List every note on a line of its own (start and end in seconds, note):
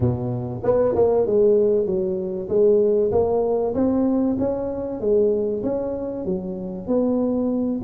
0.00 0.62 B2
0.63 0.94 B3
0.95 1.26 A#3
1.26 1.86 G#3
1.86 2.48 F#3
2.48 3.11 G#3
3.11 3.74 A#3
3.74 4.37 C4
4.39 5.00 C#4
5.00 5.62 G#3
5.63 6.25 C#4
6.25 6.87 F#3
6.87 7.81 B3